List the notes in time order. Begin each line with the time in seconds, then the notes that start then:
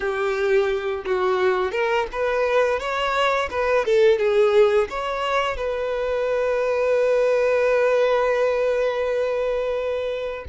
0.00 G4
1.05 F#4
1.71 A#4
2.12 B4
2.79 C#5
3.50 B4
3.85 A4
4.18 G#4
4.89 C#5
5.56 B4